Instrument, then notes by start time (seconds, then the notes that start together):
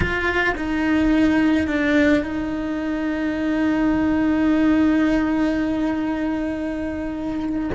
cello
0.00 F4
0.57 D#4
1.67 D4
2.23 D#4